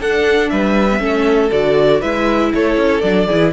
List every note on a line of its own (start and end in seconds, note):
0.00 0.50 D4
0.00 0.89 D4
0.00 0.51 A4
0.00 0.50 F#5
0.50 1.00 G3
0.50 1.02 B4
0.50 1.51 E5
0.92 0.99 B3
0.99 1.50 A3
0.99 1.50 C#4
0.99 2.01 A4
1.52 2.03 D3
1.52 2.02 F#4
1.52 2.02 D5
2.01 2.54 G#3
2.01 3.03 E4
2.01 2.51 B4
2.01 2.52 E5
2.55 2.77 A3
2.55 3.28 A4
2.55 3.01 C#5
2.77 3.03 C#4
3.01 3.28 F#3
3.01 3.29 D4
3.01 3.52 D5
3.28 3.53 E3
3.28 3.53 E4
3.28 3.53 G#4